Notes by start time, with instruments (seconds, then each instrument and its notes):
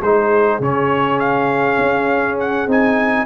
0.00 tuba G#3, trombone D#4, horn G#4, trumpet C5
0.59 tuba C#3, trombone C#4, trumpet C#5
1.19 trumpet F5
1.78 tuba C#4
2.39 trumpet F#5
2.67 tuba C4, trombone D#4, trumpet G#5